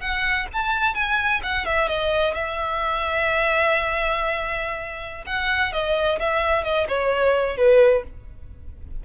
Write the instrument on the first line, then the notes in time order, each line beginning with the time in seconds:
violin
0.00 F#5
0.52 A5
0.94 G#5
1.43 F#5
1.65 E5
1.88 D#5
2.34 E5
5.26 F#5
5.72 D#5
6.19 E5
6.64 D#5
6.88 C#5
7.56 B4